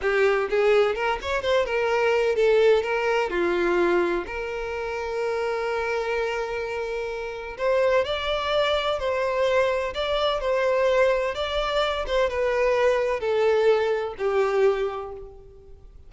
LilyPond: \new Staff \with { instrumentName = "violin" } { \time 4/4 \tempo 4 = 127 g'4 gis'4 ais'8 cis''8 c''8 ais'8~ | ais'4 a'4 ais'4 f'4~ | f'4 ais'2.~ | ais'1 |
c''4 d''2 c''4~ | c''4 d''4 c''2 | d''4. c''8 b'2 | a'2 g'2 | }